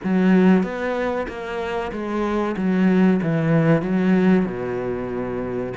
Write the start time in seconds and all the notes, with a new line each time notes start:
0.03 F#3
0.63 B3
1.28 A#3
1.91 G#3
2.56 F#3
3.22 E3
3.82 F#3
4.45 B2